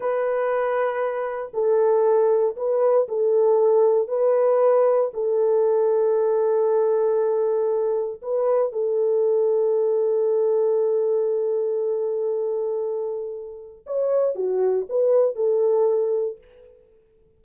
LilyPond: \new Staff \with { instrumentName = "horn" } { \time 4/4 \tempo 4 = 117 b'2. a'4~ | a'4 b'4 a'2 | b'2 a'2~ | a'1 |
b'4 a'2.~ | a'1~ | a'2. cis''4 | fis'4 b'4 a'2 | }